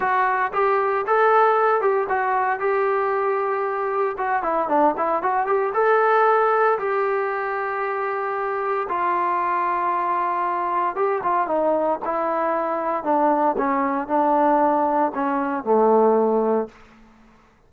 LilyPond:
\new Staff \with { instrumentName = "trombone" } { \time 4/4 \tempo 4 = 115 fis'4 g'4 a'4. g'8 | fis'4 g'2. | fis'8 e'8 d'8 e'8 fis'8 g'8 a'4~ | a'4 g'2.~ |
g'4 f'2.~ | f'4 g'8 f'8 dis'4 e'4~ | e'4 d'4 cis'4 d'4~ | d'4 cis'4 a2 | }